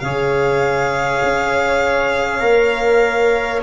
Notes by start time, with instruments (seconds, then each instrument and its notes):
0.00 tuba C#3, trombone G#4, violin C#5 F5
1.24 tuba C#4
2.40 tuba A#3, trombone A#4